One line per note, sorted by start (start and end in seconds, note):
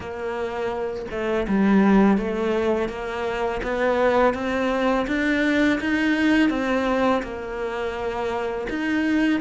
0.00 1.05 A#3
1.10 1.46 A3
1.48 2.17 G3
2.17 2.88 A3
2.88 3.61 A#3
3.62 4.34 B3
4.34 5.06 C4
5.07 5.79 D4
5.80 6.49 D#4
6.49 7.22 C4
7.22 8.67 A#3
8.69 9.40 D#4